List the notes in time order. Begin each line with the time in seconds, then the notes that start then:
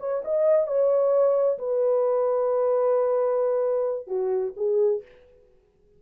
0.00 C#5
0.25 D#5
0.68 C#5
1.59 B4
4.08 F#4
4.57 G#4